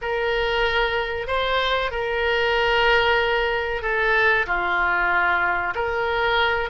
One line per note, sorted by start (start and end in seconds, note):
0.01 1.27 A#4
1.27 1.91 C5
1.91 3.82 A#4
3.82 4.45 A4
4.46 5.74 F4
5.74 6.69 A#4